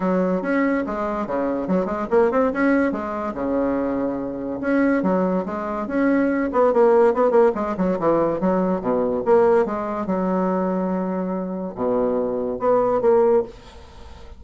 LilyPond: \new Staff \with { instrumentName = "bassoon" } { \time 4/4 \tempo 4 = 143 fis4 cis'4 gis4 cis4 | fis8 gis8 ais8 c'8 cis'4 gis4 | cis2. cis'4 | fis4 gis4 cis'4. b8 |
ais4 b8 ais8 gis8 fis8 e4 | fis4 b,4 ais4 gis4 | fis1 | b,2 b4 ais4 | }